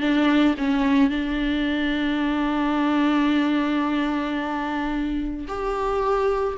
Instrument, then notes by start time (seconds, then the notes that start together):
viola
0.00 D4
0.57 C#4
1.10 D4
5.48 G4